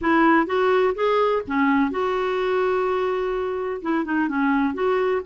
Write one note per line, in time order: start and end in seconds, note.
0.01 0.46 E4
0.46 0.94 F#4
0.95 1.42 G#4
1.47 1.90 C#4
1.90 3.81 F#4
3.81 4.05 E4
4.05 4.28 D#4
4.28 4.74 C#4
4.74 5.21 F#4